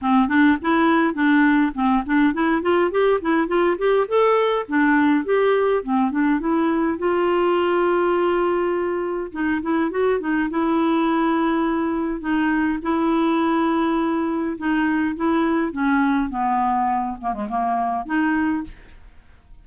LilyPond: \new Staff \with { instrumentName = "clarinet" } { \time 4/4 \tempo 4 = 103 c'8 d'8 e'4 d'4 c'8 d'8 | e'8 f'8 g'8 e'8 f'8 g'8 a'4 | d'4 g'4 c'8 d'8 e'4 | f'1 |
dis'8 e'8 fis'8 dis'8 e'2~ | e'4 dis'4 e'2~ | e'4 dis'4 e'4 cis'4 | b4. ais16 gis16 ais4 dis'4 | }